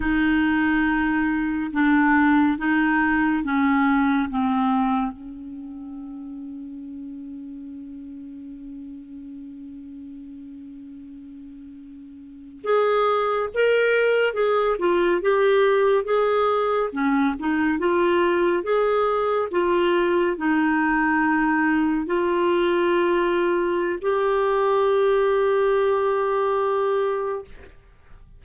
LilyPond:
\new Staff \with { instrumentName = "clarinet" } { \time 4/4 \tempo 4 = 70 dis'2 d'4 dis'4 | cis'4 c'4 cis'2~ | cis'1~ | cis'2~ cis'8. gis'4 ais'16~ |
ais'8. gis'8 f'8 g'4 gis'4 cis'16~ | cis'16 dis'8 f'4 gis'4 f'4 dis'16~ | dis'4.~ dis'16 f'2~ f'16 | g'1 | }